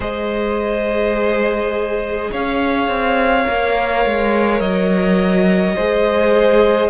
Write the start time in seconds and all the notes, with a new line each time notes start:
0.00 G#3 G#4 C5 D#5
2.31 C#4 C#5 F5
2.88 C4
3.44 A#3 A#4
4.05 G#3
4.60 F#3 D#5
5.75 G#3 G#4 C5